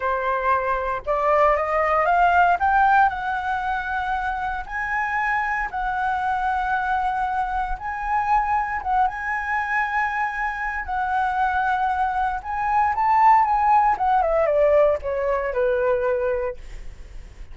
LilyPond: \new Staff \with { instrumentName = "flute" } { \time 4/4 \tempo 4 = 116 c''2 d''4 dis''4 | f''4 g''4 fis''2~ | fis''4 gis''2 fis''4~ | fis''2. gis''4~ |
gis''4 fis''8 gis''2~ gis''8~ | gis''4 fis''2. | gis''4 a''4 gis''4 fis''8 e''8 | d''4 cis''4 b'2 | }